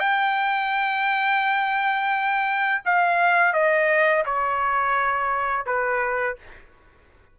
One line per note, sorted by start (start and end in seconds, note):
0.00 2.82 G5
2.86 3.54 F5
3.54 4.24 D#5
4.26 5.66 C#5
5.66 6.37 B4